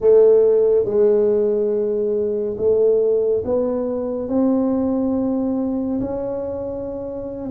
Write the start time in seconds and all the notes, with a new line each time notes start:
0.00 A3
0.85 G#3
2.57 A3
3.44 B3
4.28 C4
6.00 C#4